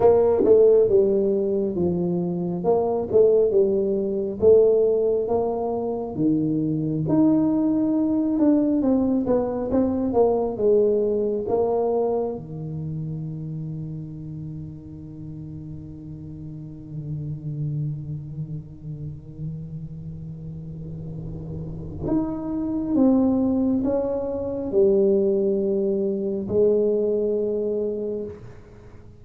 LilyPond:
\new Staff \with { instrumentName = "tuba" } { \time 4/4 \tempo 4 = 68 ais8 a8 g4 f4 ais8 a8 | g4 a4 ais4 dis4 | dis'4. d'8 c'8 b8 c'8 ais8 | gis4 ais4 dis2~ |
dis1~ | dis1~ | dis4 dis'4 c'4 cis'4 | g2 gis2 | }